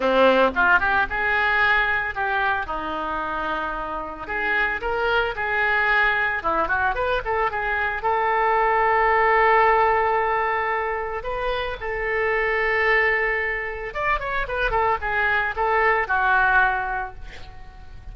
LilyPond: \new Staff \with { instrumentName = "oboe" } { \time 4/4 \tempo 4 = 112 c'4 f'8 g'8 gis'2 | g'4 dis'2. | gis'4 ais'4 gis'2 | e'8 fis'8 b'8 a'8 gis'4 a'4~ |
a'1~ | a'4 b'4 a'2~ | a'2 d''8 cis''8 b'8 a'8 | gis'4 a'4 fis'2 | }